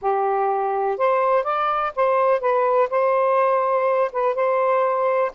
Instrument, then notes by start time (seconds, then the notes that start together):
saxophone
0.01 G4
0.97 C5
1.43 D5
1.95 C5
2.40 B4
2.90 C5
4.12 B4
4.35 C5